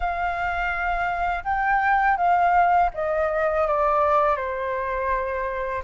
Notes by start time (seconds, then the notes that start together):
0.00 F5
1.43 G5
2.17 F5
2.94 D#5
3.67 D5
4.36 C5